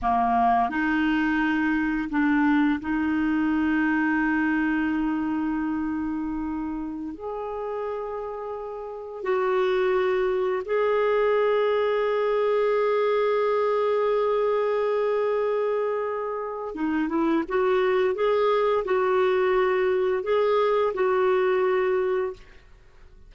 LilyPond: \new Staff \with { instrumentName = "clarinet" } { \time 4/4 \tempo 4 = 86 ais4 dis'2 d'4 | dis'1~ | dis'2~ dis'16 gis'4.~ gis'16~ | gis'4~ gis'16 fis'2 gis'8.~ |
gis'1~ | gis'1 | dis'8 e'8 fis'4 gis'4 fis'4~ | fis'4 gis'4 fis'2 | }